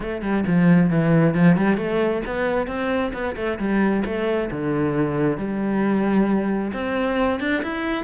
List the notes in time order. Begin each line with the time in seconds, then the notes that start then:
0.00 A3
0.22 G3
0.46 F3
0.90 E3
1.34 F3
1.56 G3
1.77 A3
2.26 B3
2.67 C4
3.13 B3
3.36 A3
3.59 G3
4.05 A3
4.51 D3
5.37 G3
6.73 C4
7.40 D4
7.63 E4